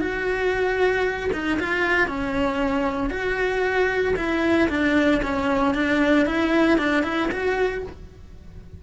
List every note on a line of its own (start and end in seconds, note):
0.00 1.30 F#4
1.33 1.59 D#4
1.60 2.08 F4
2.08 3.10 C#4
3.10 4.14 F#4
4.16 4.69 E4
4.69 5.21 D4
5.22 5.74 C#4
5.74 6.26 D4
6.26 6.78 E4
6.78 7.03 D4
7.03 7.29 E4
7.31 7.83 F#4